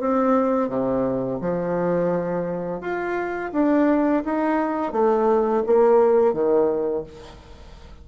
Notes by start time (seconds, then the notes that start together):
0.00 C4
0.69 C3
1.41 F3
2.81 F4
3.53 D4
4.25 D#4
4.93 A3
5.66 A#3
6.33 D#3